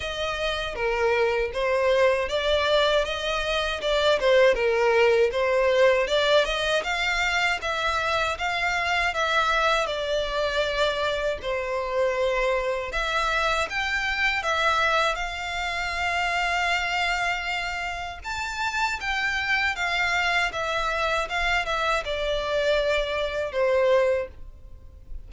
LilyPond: \new Staff \with { instrumentName = "violin" } { \time 4/4 \tempo 4 = 79 dis''4 ais'4 c''4 d''4 | dis''4 d''8 c''8 ais'4 c''4 | d''8 dis''8 f''4 e''4 f''4 | e''4 d''2 c''4~ |
c''4 e''4 g''4 e''4 | f''1 | a''4 g''4 f''4 e''4 | f''8 e''8 d''2 c''4 | }